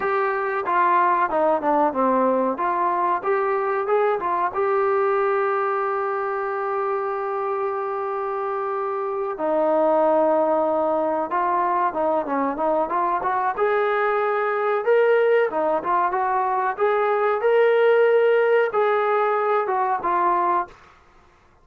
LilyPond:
\new Staff \with { instrumentName = "trombone" } { \time 4/4 \tempo 4 = 93 g'4 f'4 dis'8 d'8 c'4 | f'4 g'4 gis'8 f'8 g'4~ | g'1~ | g'2~ g'8 dis'4.~ |
dis'4. f'4 dis'8 cis'8 dis'8 | f'8 fis'8 gis'2 ais'4 | dis'8 f'8 fis'4 gis'4 ais'4~ | ais'4 gis'4. fis'8 f'4 | }